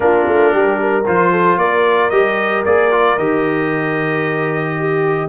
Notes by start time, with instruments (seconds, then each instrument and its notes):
0.00 tuba A#3, trombone D4, horn F4, trumpet A#4
0.27 tuba A3
0.52 tuba G3, horn G4
0.80 horn A#4
1.06 tuba F3, trombone F4, trumpet C5
1.31 horn A4
1.57 tuba A#3, horn A#4, trumpet D5
2.09 tuba G3, trombone G4, trumpet D#5
2.65 tuba A#3, trombone G#4, trumpet D5
2.91 trombone F4
3.18 tuba D#3, trombone G4, trumpet D#5
4.78 horn G4